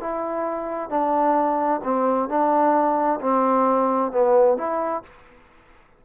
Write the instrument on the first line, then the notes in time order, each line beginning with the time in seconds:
trombone
0.00 E4
0.89 D4
1.84 C4
2.29 D4
3.20 C4
4.12 B3
4.57 E4